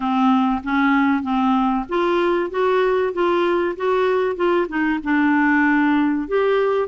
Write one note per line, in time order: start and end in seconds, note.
0.00 0.61 C4
0.63 1.22 C#4
1.22 1.85 C4
1.89 2.50 F4
2.50 3.12 F#4
3.12 3.75 F4
3.76 4.36 F#4
4.36 4.67 F4
4.68 4.99 D#4
5.03 6.28 D4
6.28 6.88 G4